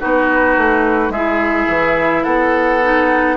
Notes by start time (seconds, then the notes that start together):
0.00 B3 D#4 F#4 B4
0.58 A3
1.10 G#3 E4 G#4 E5
1.69 E3
2.24 B3 A4 F#5
2.83 D#4